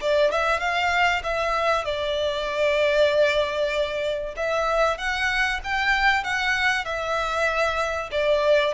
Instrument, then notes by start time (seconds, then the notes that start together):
violin
0.00 D5
0.31 E5
0.59 F5
1.23 E5
1.85 D5
4.36 E5
4.97 F#5
5.63 G5
6.24 F#5
6.84 E5
8.11 D5